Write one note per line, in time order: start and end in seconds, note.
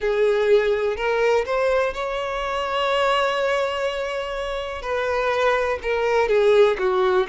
0.00 0.96 G#4
0.96 1.45 A#4
1.45 1.94 C5
1.94 4.82 C#5
4.82 5.78 B4
5.82 6.28 A#4
6.28 6.76 G#4
6.78 7.26 F#4